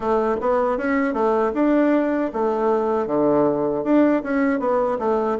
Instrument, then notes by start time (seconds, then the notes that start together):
bassoon
0.00 A3
0.40 B3
0.77 C#4
1.13 A3
1.54 D4
2.33 A3
3.07 D3
3.84 D4
4.23 C#4
4.59 B3
4.99 A3